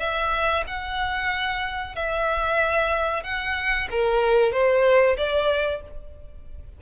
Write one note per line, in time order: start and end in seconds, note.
0.00 0.65 E5
0.67 1.96 F#5
1.96 3.24 E5
3.24 3.89 F#5
3.91 4.53 A#4
4.53 5.17 C5
5.17 5.82 D5